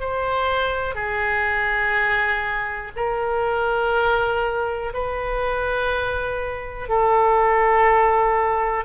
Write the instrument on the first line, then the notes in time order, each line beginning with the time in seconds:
oboe
0.00 C5
0.95 G#4
2.96 A#4
4.94 B4
6.89 A4